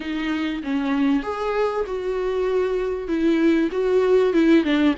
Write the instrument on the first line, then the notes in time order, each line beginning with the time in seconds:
viola
0.00 D#4
0.63 C#4
1.23 G#4
1.86 F#4
3.08 E4
3.71 F#4
4.33 E4
4.64 D4